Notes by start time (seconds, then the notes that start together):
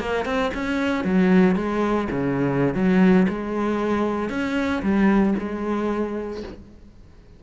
0.00 A#3
0.25 C4
0.54 C#4
1.05 F#3
1.56 G#3
2.11 C#3
2.75 F#3
3.29 G#3
4.30 C#4
4.82 G3
5.39 G#3